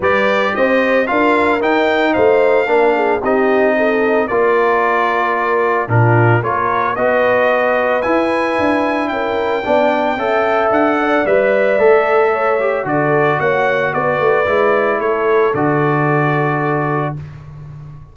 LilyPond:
<<
  \new Staff \with { instrumentName = "trumpet" } { \time 4/4 \tempo 4 = 112 d''4 dis''4 f''4 g''4 | f''2 dis''2 | d''2. ais'4 | cis''4 dis''2 gis''4~ |
gis''4 g''2. | fis''4 e''2. | d''4 fis''4 d''2 | cis''4 d''2. | }
  \new Staff \with { instrumentName = "horn" } { \time 4/4 b'4 c''4 ais'2 | c''4 ais'8 gis'8 g'4 a'4 | ais'2. f'4 | ais'4 b'2.~ |
b'4 ais'4 d''4 e''4~ | e''8 d''2~ d''8 cis''4 | a'4 cis''4 b'2 | a'1 | }
  \new Staff \with { instrumentName = "trombone" } { \time 4/4 g'2 f'4 dis'4~ | dis'4 d'4 dis'2 | f'2. d'4 | f'4 fis'2 e'4~ |
e'2 d'4 a'4~ | a'4 b'4 a'4. g'8 | fis'2. e'4~ | e'4 fis'2. | }
  \new Staff \with { instrumentName = "tuba" } { \time 4/4 g4 c'4 d'4 dis'4 | a4 ais4 c'2 | ais2. ais,4 | ais4 b2 e'4 |
d'4 cis'4 b4 cis'4 | d'4 g4 a2 | d4 ais4 b8 a8 gis4 | a4 d2. | }
>>